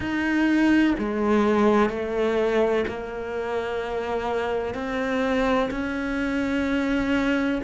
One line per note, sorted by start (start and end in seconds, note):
0.00 0.94 D#4
0.98 1.89 G#3
1.89 2.84 A3
2.87 4.74 A#3
4.74 5.69 C4
5.71 7.61 C#4